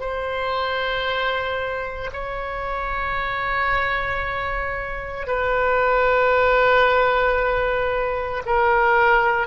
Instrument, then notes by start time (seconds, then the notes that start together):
oboe
0.00 C5
2.13 C#5
5.27 B4
8.46 A#4